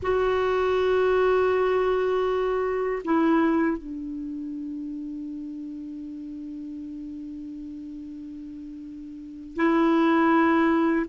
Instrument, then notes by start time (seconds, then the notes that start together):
clarinet
0.02 F#4
3.04 E4
3.77 D4
9.56 E4